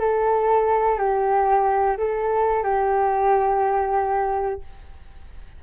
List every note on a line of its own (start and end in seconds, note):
0.00 0.99 A4
0.99 1.98 G4
1.98 2.63 A4
2.63 4.61 G4